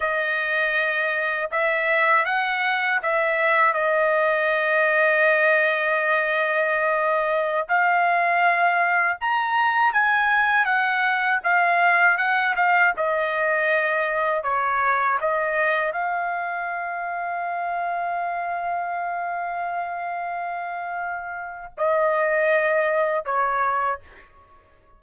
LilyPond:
\new Staff \with { instrumentName = "trumpet" } { \time 4/4 \tempo 4 = 80 dis''2 e''4 fis''4 | e''4 dis''2.~ | dis''2~ dis''16 f''4.~ f''16~ | f''16 ais''4 gis''4 fis''4 f''8.~ |
f''16 fis''8 f''8 dis''2 cis''8.~ | cis''16 dis''4 f''2~ f''8.~ | f''1~ | f''4 dis''2 cis''4 | }